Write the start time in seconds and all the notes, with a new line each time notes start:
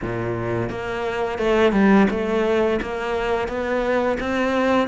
0.02 A#2
0.69 A#3
1.38 A3
1.72 G3
2.10 A3
2.81 A#3
3.48 B3
4.20 C4